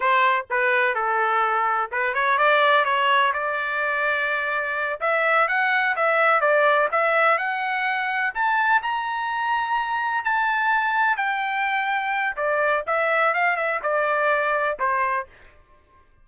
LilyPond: \new Staff \with { instrumentName = "trumpet" } { \time 4/4 \tempo 4 = 126 c''4 b'4 a'2 | b'8 cis''8 d''4 cis''4 d''4~ | d''2~ d''8 e''4 fis''8~ | fis''8 e''4 d''4 e''4 fis''8~ |
fis''4. a''4 ais''4.~ | ais''4. a''2 g''8~ | g''2 d''4 e''4 | f''8 e''8 d''2 c''4 | }